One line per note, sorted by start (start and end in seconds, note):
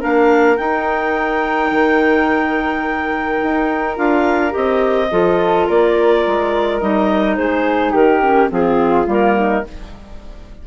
0.00 0.59 A#3
0.00 0.57 D4
0.00 5.10 A#4
0.00 0.57 F5
0.57 3.97 D#4
0.57 1.71 D#4
0.57 3.97 G5
1.71 3.41 D#3
3.43 3.98 D#4
3.97 4.55 D4
3.97 4.51 F4
3.97 4.55 F5
4.51 5.12 C4
4.51 5.08 G4
4.51 5.68 D#5
5.12 5.69 F3
5.12 6.81 F4
5.12 5.68 A4
5.68 6.26 A#3
5.68 7.38 A#4
5.68 6.81 D5
6.27 6.82 G#3
6.81 7.38 G3
6.81 8.22 D#4
6.81 7.36 D#5
7.36 7.94 G#3
7.36 7.93 G#4
7.36 7.93 C5
7.93 8.50 D#3
7.93 8.49 G4
7.93 8.51 A#4
8.22 8.49 C#4
8.49 9.07 F3
8.49 9.06 C4
8.49 9.37 F4
8.49 9.09 G#4
9.07 9.64 G3
9.07 9.64 A#3
9.07 9.67 A#4
9.38 9.66 D#4